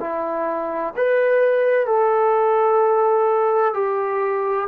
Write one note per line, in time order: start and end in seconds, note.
0.00 0.94 E4
0.96 1.86 B4
1.86 3.74 A4
3.74 4.67 G4